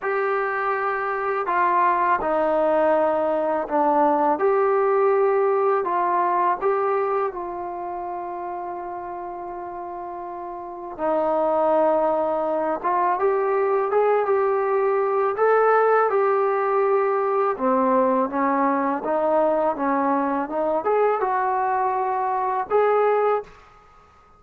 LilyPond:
\new Staff \with { instrumentName = "trombone" } { \time 4/4 \tempo 4 = 82 g'2 f'4 dis'4~ | dis'4 d'4 g'2 | f'4 g'4 f'2~ | f'2. dis'4~ |
dis'4. f'8 g'4 gis'8 g'8~ | g'4 a'4 g'2 | c'4 cis'4 dis'4 cis'4 | dis'8 gis'8 fis'2 gis'4 | }